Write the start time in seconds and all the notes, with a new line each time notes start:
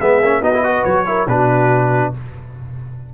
0.00 G#3 B3 G#4 E5
0.21 A#3 C#4
0.41 B3 D#4 F#4 D#5
0.55 E4
0.64 F#4 B4
0.85 F#3 C#5
1.06 E4 A#4
1.27 B2 D4 F#4 B4